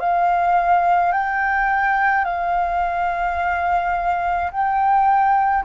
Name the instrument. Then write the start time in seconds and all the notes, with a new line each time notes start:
flute
0.00 F5
1.13 G5
2.25 F5
4.51 G5